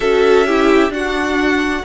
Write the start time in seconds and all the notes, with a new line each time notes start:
0.00 C#4 F#4 A4 E5
0.46 E4 G4
0.88 D4 F#4 F#5